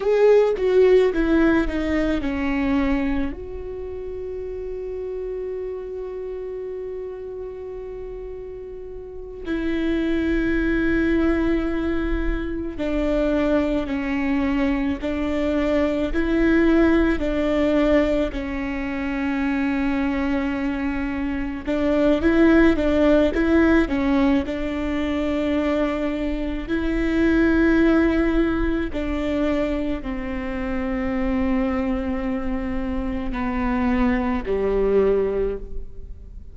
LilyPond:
\new Staff \with { instrumentName = "viola" } { \time 4/4 \tempo 4 = 54 gis'8 fis'8 e'8 dis'8 cis'4 fis'4~ | fis'1~ | fis'8 e'2. d'8~ | d'8 cis'4 d'4 e'4 d'8~ |
d'8 cis'2. d'8 | e'8 d'8 e'8 cis'8 d'2 | e'2 d'4 c'4~ | c'2 b4 g4 | }